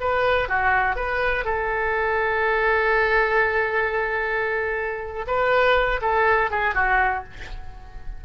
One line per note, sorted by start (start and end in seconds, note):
0.00 0.48 B4
0.48 0.96 F#4
0.96 1.45 B4
1.45 5.26 A4
5.27 6.00 B4
6.01 6.50 A4
6.50 6.74 G#4
6.74 7.24 F#4